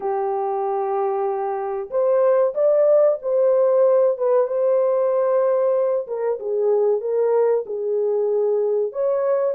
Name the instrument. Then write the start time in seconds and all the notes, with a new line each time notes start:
horn
0.00 G4
1.90 C5
2.54 D5
3.21 C5
4.17 B4
4.47 C5
6.07 A#4
6.39 G#4
7.00 A#4
7.65 G#4
8.92 C#5